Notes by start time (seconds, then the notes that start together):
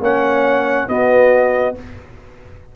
0.00 A#3 C#4 C#5 F#5
0.88 B3 F#4 D#5